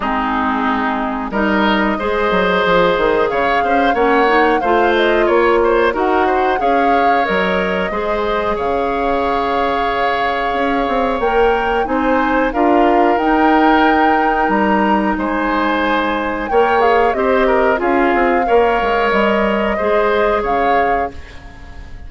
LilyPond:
<<
  \new Staff \with { instrumentName = "flute" } { \time 4/4 \tempo 4 = 91 gis'2 dis''2~ | dis''4 f''4 fis''4 f''8 dis''8 | cis''4 fis''4 f''4 dis''4~ | dis''4 f''2.~ |
f''4 g''4 gis''4 f''4 | g''2 ais''4 gis''4~ | gis''4 g''8 f''8 dis''4 f''4~ | f''4 dis''2 f''4 | }
  \new Staff \with { instrumentName = "oboe" } { \time 4/4 dis'2 ais'4 c''4~ | c''4 cis''8 c''8 cis''4 c''4 | cis''8 c''8 ais'8 c''8 cis''2 | c''4 cis''2.~ |
cis''2 c''4 ais'4~ | ais'2. c''4~ | c''4 cis''4 c''8 ais'8 gis'4 | cis''2 c''4 cis''4 | }
  \new Staff \with { instrumentName = "clarinet" } { \time 4/4 c'2 dis'4 gis'4~ | gis'2 cis'8 dis'8 f'4~ | f'4 fis'4 gis'4 ais'4 | gis'1~ |
gis'4 ais'4 dis'4 f'4 | dis'1~ | dis'4 ais'8 gis'8 g'4 f'4 | ais'2 gis'2 | }
  \new Staff \with { instrumentName = "bassoon" } { \time 4/4 gis2 g4 gis8 fis8 | f8 dis8 cis8 cis'8 ais4 a4 | ais4 dis'4 cis'4 fis4 | gis4 cis2. |
cis'8 c'8 ais4 c'4 d'4 | dis'2 g4 gis4~ | gis4 ais4 c'4 cis'8 c'8 | ais8 gis8 g4 gis4 cis4 | }
>>